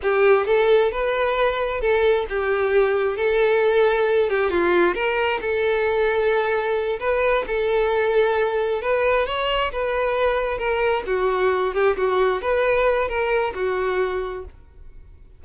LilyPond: \new Staff \with { instrumentName = "violin" } { \time 4/4 \tempo 4 = 133 g'4 a'4 b'2 | a'4 g'2 a'4~ | a'4. g'8 f'4 ais'4 | a'2.~ a'8 b'8~ |
b'8 a'2. b'8~ | b'8 cis''4 b'2 ais'8~ | ais'8 fis'4. g'8 fis'4 b'8~ | b'4 ais'4 fis'2 | }